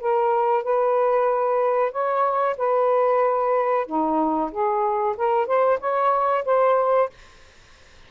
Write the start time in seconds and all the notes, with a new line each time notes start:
0.00 A#4
0.63 B4
1.91 C#5
2.57 B4
3.86 D#4
4.51 G#4
5.17 A#4
5.47 C5
5.80 C#5
6.45 C5